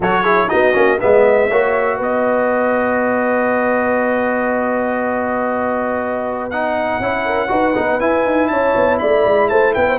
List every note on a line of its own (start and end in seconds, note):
0.00 0.49 F#3
0.00 0.24 F#4
0.00 0.22 A4
0.00 0.49 C#5
0.22 0.48 E4
0.22 0.47 G#4
0.48 0.75 B3
0.48 0.73 D#4
0.48 1.01 F#4
0.48 0.99 D#5
0.73 1.00 A#3
0.73 0.98 C#4
1.00 1.51 G#3
1.00 1.50 B3
1.00 1.50 D#5
1.00 2.00 E5
1.50 1.99 A#3
1.50 6.51 F#4
1.50 1.97 C#5
1.97 6.99 B3
1.97 7.22 B4
1.97 6.50 D#5
6.50 7.02 D#4
6.50 8.00 F#5
6.99 7.49 C#4
6.99 7.48 E4
7.24 7.49 A#4
7.48 7.75 D#4
7.48 7.73 F#4
7.48 8.50 B4
7.75 8.00 B3
7.75 8.00 D#4
8.00 9.98 E4
8.00 8.25 E4
8.00 8.47 G#5
8.25 8.50 D#4
8.47 8.75 C#4
8.47 9.00 C#5
8.47 8.97 A5
8.75 9.00 B3
8.98 9.25 A3
8.98 9.50 D5
8.98 9.48 B5
9.25 9.50 G#3
9.48 9.75 A3
9.48 9.75 C5
9.48 9.73 A5
9.73 9.98 B3
9.73 9.87 B4
9.73 9.98 G5
9.87 9.98 C5